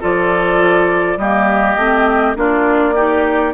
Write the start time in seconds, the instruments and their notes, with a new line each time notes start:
0.00 bassoon F3, clarinet F4, oboe A4, flute D5
1.17 bassoon G3, clarinet A#3, oboe G4, flute D#5
1.75 bassoon A3, clarinet C4
2.35 bassoon A#3, clarinet D4, oboe F4, flute D5
2.94 clarinet D#4, oboe G4